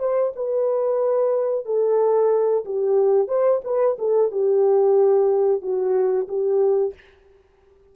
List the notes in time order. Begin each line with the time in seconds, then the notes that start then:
0.00 C5
0.36 B4
1.66 A4
2.65 G4
3.28 C5
3.65 B4
3.99 A4
4.32 G4
5.62 F#4
6.28 G4